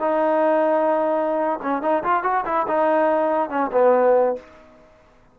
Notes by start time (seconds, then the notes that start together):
0.00 D#4
1.62 C#4
1.82 D#4
2.04 F4
2.23 F#4
2.45 E4
2.68 D#4
3.50 C#4
3.72 B3